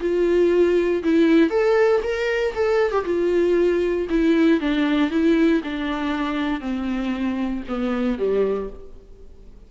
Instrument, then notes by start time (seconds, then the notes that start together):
viola
0.00 F4
1.03 E4
1.50 A4
2.03 A#4
2.55 A4
2.91 G4
3.05 F4
4.10 E4
4.60 D4
5.10 E4
5.63 D4
6.60 C4
7.68 B3
8.18 G3